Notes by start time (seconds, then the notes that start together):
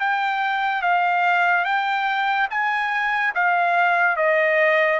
0.00 G5
0.82 F5
1.65 G5
2.51 G#5
3.35 F5
4.17 D#5